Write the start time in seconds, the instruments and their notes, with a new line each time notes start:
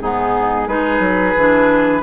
0.00 bassoon G#2, clarinet B3, oboe D#4, flute G#4
0.68 bassoon G#3, clarinet D#4, oboe G#4, flute B4
1.00 bassoon F#3
1.37 bassoon E3, clarinet D4